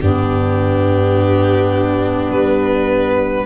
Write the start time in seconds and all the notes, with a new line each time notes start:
0.00 G2 B3 D4 G4
2.31 G3 B4